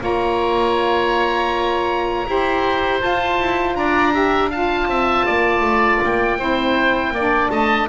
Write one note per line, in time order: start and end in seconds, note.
0.00 2.26 A#3
0.00 2.25 F4
0.00 2.28 C#5
0.00 3.02 A#5
2.26 3.02 E4
2.26 3.01 G4
2.26 3.78 C5
3.01 4.12 F4
3.01 3.40 F4
3.01 3.76 A5
3.40 3.76 E4
3.76 4.87 D4
3.76 4.14 D5
3.76 4.51 A#5
4.12 4.50 G4
4.12 4.50 E5
4.50 6.39 F4
4.50 4.88 F5
4.50 6.02 A5
4.87 5.25 C4
4.87 5.26 E5
5.26 5.62 A#3
5.26 6.39 D5
5.62 5.99 A3
6.04 6.39 A#3
6.04 7.50 G5
6.39 7.12 C4
6.39 7.14 E4
6.39 7.14 C5
7.12 7.49 A#3
7.12 7.52 D5
7.18 7.90 D4
7.50 7.89 A3
7.50 7.89 D#5
7.50 7.88 A5